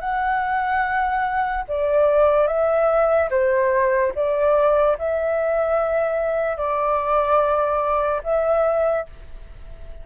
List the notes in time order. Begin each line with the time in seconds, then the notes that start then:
0.00 F#5
1.68 D5
2.47 E5
3.30 C5
4.15 D5
4.98 E5
6.57 D5
8.23 E5